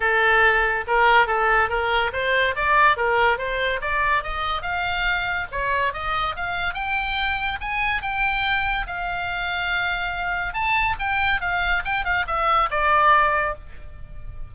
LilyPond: \new Staff \with { instrumentName = "oboe" } { \time 4/4 \tempo 4 = 142 a'2 ais'4 a'4 | ais'4 c''4 d''4 ais'4 | c''4 d''4 dis''4 f''4~ | f''4 cis''4 dis''4 f''4 |
g''2 gis''4 g''4~ | g''4 f''2.~ | f''4 a''4 g''4 f''4 | g''8 f''8 e''4 d''2 | }